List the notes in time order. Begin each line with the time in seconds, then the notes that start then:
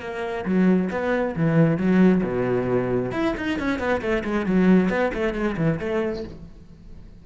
0.00 A#3
0.45 F#3
0.90 B3
1.36 E3
1.77 F#3
2.23 B2
3.12 E4
3.37 D#4
3.59 C#4
3.79 B3
4.01 A3
4.24 G#3
4.46 F#3
4.89 B3
5.14 A3
5.34 G#3
5.57 E3
5.79 A3